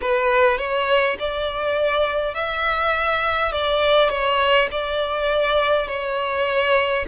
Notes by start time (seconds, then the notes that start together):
0.01 B4
0.58 C#5
1.19 D5
2.34 E5
3.51 D5
4.09 C#5
4.71 D5
5.87 C#5